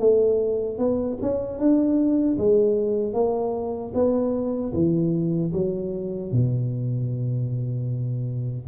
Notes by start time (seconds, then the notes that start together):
0.00 A3
0.79 B3
1.22 C#4
1.59 D4
2.38 G#3
3.14 A#3
3.94 B3
4.74 E3
5.53 F#3
6.32 B2